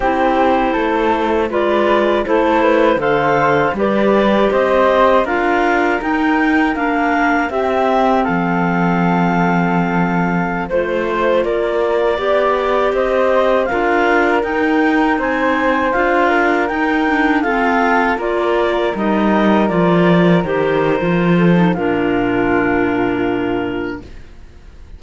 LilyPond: <<
  \new Staff \with { instrumentName = "clarinet" } { \time 4/4 \tempo 4 = 80 c''2 d''4 c''4 | f''4 d''4 dis''4 f''4 | g''4 f''4 e''4 f''4~ | f''2~ f''16 c''4 d''8.~ |
d''4~ d''16 dis''4 f''4 g''8.~ | g''16 gis''4 f''4 g''4 f''8.~ | f''16 d''4 dis''4 d''4 c''8.~ | c''4 ais'2. | }
  \new Staff \with { instrumentName = "flute" } { \time 4/4 g'4 a'4 b'4 a'8 b'8 | c''4 b'4 c''4 ais'4~ | ais'2 g'4 a'4~ | a'2~ a'16 c''4 ais'8.~ |
ais'16 d''4 c''4 ais'4.~ ais'16~ | ais'16 c''4. ais'4. a'8.~ | a'16 ais'2.~ ais'8.~ | ais'8 a'8 f'2. | }
  \new Staff \with { instrumentName = "clarinet" } { \time 4/4 e'2 f'4 e'4 | a'4 g'2 f'4 | dis'4 d'4 c'2~ | c'2~ c'16 f'4.~ f'16~ |
f'16 g'2 f'4 dis'8.~ | dis'4~ dis'16 f'4 dis'8 d'8 c'8.~ | c'16 f'4 dis'4 f'4 g'8. | f'8. dis'16 d'2. | }
  \new Staff \with { instrumentName = "cello" } { \time 4/4 c'4 a4 gis4 a4 | d4 g4 c'4 d'4 | dis'4 ais4 c'4 f4~ | f2~ f16 a4 ais8.~ |
ais16 b4 c'4 d'4 dis'8.~ | dis'16 c'4 d'4 dis'4 f'8.~ | f'16 ais4 g4 f4 dis8. | f4 ais,2. | }
>>